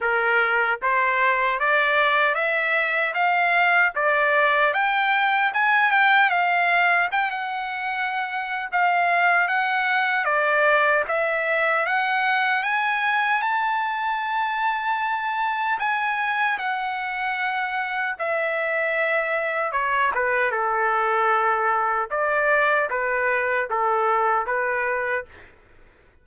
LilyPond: \new Staff \with { instrumentName = "trumpet" } { \time 4/4 \tempo 4 = 76 ais'4 c''4 d''4 e''4 | f''4 d''4 g''4 gis''8 g''8 | f''4 g''16 fis''4.~ fis''16 f''4 | fis''4 d''4 e''4 fis''4 |
gis''4 a''2. | gis''4 fis''2 e''4~ | e''4 cis''8 b'8 a'2 | d''4 b'4 a'4 b'4 | }